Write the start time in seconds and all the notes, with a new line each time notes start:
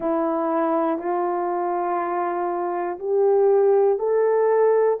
0.00 E4
0.99 F4
2.99 G4
3.99 A4